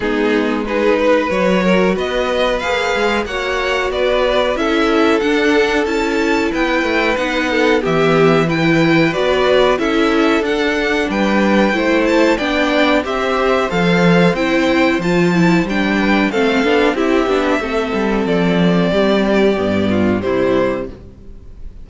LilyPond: <<
  \new Staff \with { instrumentName = "violin" } { \time 4/4 \tempo 4 = 92 gis'4 b'4 cis''4 dis''4 | f''4 fis''4 d''4 e''4 | fis''4 a''4 g''4 fis''4 | e''4 g''4 d''4 e''4 |
fis''4 g''4. a''8 g''4 | e''4 f''4 g''4 a''4 | g''4 f''4 e''2 | d''2. c''4 | }
  \new Staff \with { instrumentName = "violin" } { \time 4/4 dis'4 gis'8 b'4 ais'8 b'4~ | b'4 cis''4 b'4 a'4~ | a'2 b'4. a'8 | g'4 b'2 a'4~ |
a'4 b'4 c''4 d''4 | c''1~ | c''8 b'8 a'4 g'4 a'4~ | a'4 g'4. f'8 e'4 | }
  \new Staff \with { instrumentName = "viola" } { \time 4/4 b4 dis'4 fis'2 | gis'4 fis'2 e'4 | d'4 e'2 dis'4 | b4 e'4 fis'4 e'4 |
d'2 e'4 d'4 | g'4 a'4 e'4 f'8 e'8 | d'4 c'8 d'8 e'8 d'8 c'4~ | c'2 b4 g4 | }
  \new Staff \with { instrumentName = "cello" } { \time 4/4 gis2 fis4 b4 | ais8 gis8 ais4 b4 cis'4 | d'4 cis'4 b8 a8 b4 | e2 b4 cis'4 |
d'4 g4 a4 b4 | c'4 f4 c'4 f4 | g4 a8 b8 c'8 b8 a8 g8 | f4 g4 g,4 c4 | }
>>